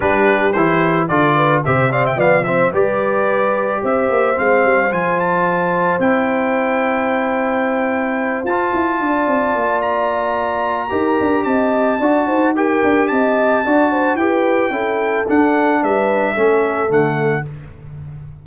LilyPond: <<
  \new Staff \with { instrumentName = "trumpet" } { \time 4/4 \tempo 4 = 110 b'4 c''4 d''4 e''8 f''16 g''16 | f''8 e''8 d''2 e''4 | f''4 gis''8 a''4. g''4~ | g''2.~ g''8 a''8~ |
a''2 ais''2~ | ais''4 a''2 g''4 | a''2 g''2 | fis''4 e''2 fis''4 | }
  \new Staff \with { instrumentName = "horn" } { \time 4/4 g'2 a'8 b'8 c''8 d''16 e''16 | d''8 c''8 b'2 c''4~ | c''1~ | c''1~ |
c''8 d''2.~ d''8 | ais'4 dis''4 d''8 c''8 ais'4 | dis''4 d''8 c''8 b'4 a'4~ | a'4 b'4 a'2 | }
  \new Staff \with { instrumentName = "trombone" } { \time 4/4 d'4 e'4 f'4 g'8 c'8 | b8 c'8 g'2. | c'4 f'2 e'4~ | e'2.~ e'8 f'8~ |
f'1 | g'2 fis'4 g'4~ | g'4 fis'4 g'4 e'4 | d'2 cis'4 a4 | }
  \new Staff \with { instrumentName = "tuba" } { \time 4/4 g4 e4 d4 c4 | f4 g2 c'8 ais8 | gis8 g8 f2 c'4~ | c'2.~ c'8 f'8 |
e'8 d'8 c'8 ais2~ ais8 | dis'8 d'8 c'4 d'8 dis'4 d'8 | c'4 d'4 e'4 cis'4 | d'4 g4 a4 d4 | }
>>